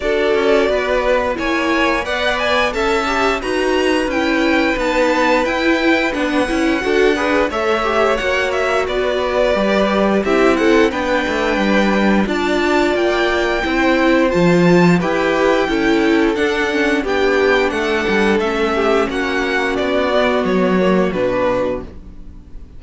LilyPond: <<
  \new Staff \with { instrumentName = "violin" } { \time 4/4 \tempo 4 = 88 d''2 gis''4 fis''8 gis''8 | a''4 ais''4 g''4 a''4 | g''4 fis''2 e''4 | fis''8 e''8 d''2 e''8 fis''8 |
g''2 a''4 g''4~ | g''4 a''4 g''2 | fis''4 g''4 fis''4 e''4 | fis''4 d''4 cis''4 b'4 | }
  \new Staff \with { instrumentName = "violin" } { \time 4/4 a'4 b'4 cis''4 d''4 | e''4 b'2.~ | b'2 a'8 b'8 cis''4~ | cis''4 b'2 g'8 a'8 |
b'2 d''2 | c''2 b'4 a'4~ | a'4 g'4 a'4. g'8 | fis'1 | }
  \new Staff \with { instrumentName = "viola" } { \time 4/4 fis'2 e'4 b'4 | a'8 g'8 fis'4 e'4 dis'4 | e'4 d'8 e'8 fis'8 gis'8 a'8 g'8 | fis'2 g'4 e'4 |
d'2 f'2 | e'4 f'4 g'4 e'4 | d'8 cis'8 d'2 cis'4~ | cis'4. b4 ais8 d'4 | }
  \new Staff \with { instrumentName = "cello" } { \time 4/4 d'8 cis'8 b4 ais4 b4 | cis'4 dis'4 cis'4 b4 | e'4 b8 cis'8 d'4 a4 | ais4 b4 g4 c'4 |
b8 a8 g4 d'4 ais4 | c'4 f4 e'4 cis'4 | d'4 b4 a8 g8 a4 | ais4 b4 fis4 b,4 | }
>>